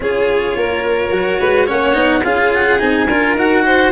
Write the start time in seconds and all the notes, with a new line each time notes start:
0.00 C#4 F4 G#4 C#5
0.56 A#3 A#4
1.11 F#3 F#4
1.39 G#3 B4
1.65 A#3 C#4 C#5 F#5
1.93 B3 D#4
2.24 C#4 F4 G#4 F5
2.54 F#5
2.78 C4 D#4 G#5
3.07 D4 F4 A#4
3.34 D#4 F#4 F#5
3.65 C5